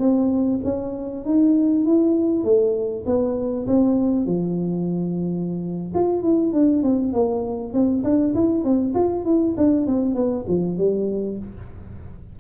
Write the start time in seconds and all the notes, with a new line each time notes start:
0.00 C4
0.65 C#4
1.25 D#4
1.86 E4
2.44 A3
3.06 B3
3.67 C4
4.27 F3
5.95 F4
6.23 E4
6.53 D4
6.83 C4
7.13 A#3
7.74 C4
8.04 D4
8.35 E4
8.64 C4
8.95 F4
9.25 E4
9.58 D4
9.87 C4
10.15 B3
10.49 F3
10.78 G3